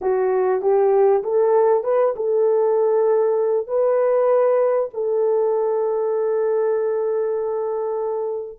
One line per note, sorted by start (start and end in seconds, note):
0.01 0.61 F#4
0.61 1.22 G4
1.23 1.83 A4
1.83 2.14 B4
2.15 3.67 A4
3.67 4.89 B4
4.93 8.59 A4